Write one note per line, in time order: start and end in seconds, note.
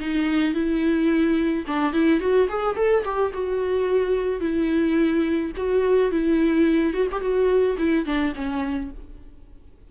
0.00 0.54 D#4
0.54 1.65 E4
1.68 1.93 D4
1.93 2.21 E4
2.21 2.48 F#4
2.49 2.77 G#4
2.77 3.04 A4
3.05 3.33 G4
3.34 4.41 F#4
4.41 5.52 E4
5.57 6.12 F#4
6.12 6.94 E4
6.94 7.08 F#4
7.12 7.21 G4
7.21 7.77 F#4
7.79 8.06 E4
8.06 8.34 D4
8.36 8.91 C#4